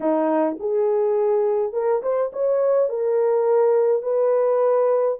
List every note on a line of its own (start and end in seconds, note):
0.00 0.57 D#4
0.59 1.72 G#4
1.72 2.01 A#4
2.02 2.31 C5
2.32 2.89 C#5
2.89 4.02 A#4
4.02 5.18 B4